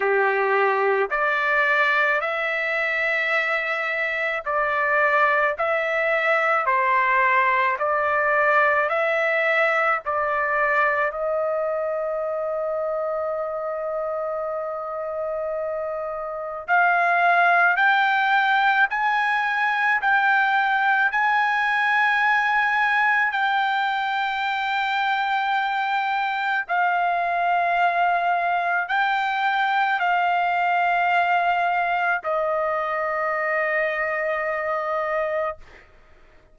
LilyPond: \new Staff \with { instrumentName = "trumpet" } { \time 4/4 \tempo 4 = 54 g'4 d''4 e''2 | d''4 e''4 c''4 d''4 | e''4 d''4 dis''2~ | dis''2. f''4 |
g''4 gis''4 g''4 gis''4~ | gis''4 g''2. | f''2 g''4 f''4~ | f''4 dis''2. | }